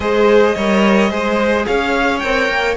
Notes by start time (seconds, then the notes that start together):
0.00 G#3 G#4 C5 D#5
0.55 G3 A#4 C#5
1.10 G#3 G#4 C5
1.66 C#4 C#5 F5
2.19 C4 A#4 G5
2.48 A#3